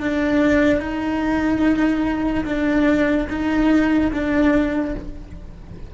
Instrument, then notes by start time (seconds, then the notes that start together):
cello
0.00 D4
0.80 D#4
2.44 D4
3.29 D#4
4.12 D4